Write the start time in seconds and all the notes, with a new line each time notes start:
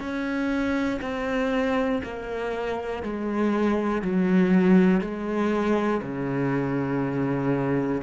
0.00 C#4
1.01 C4
2.04 A#3
3.02 G#3
4.02 F#3
5.00 G#3
6.02 C#3